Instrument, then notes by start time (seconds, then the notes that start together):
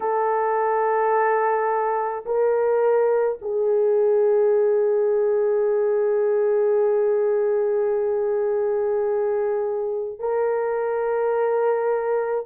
horn
0.00 A4
2.25 A#4
3.41 G#4
10.19 A#4